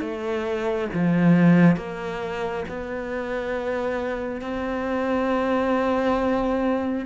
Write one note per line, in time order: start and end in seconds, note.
0.00 0.88 A3
0.93 1.76 F3
1.76 2.64 A#3
2.68 4.41 B3
4.41 7.05 C4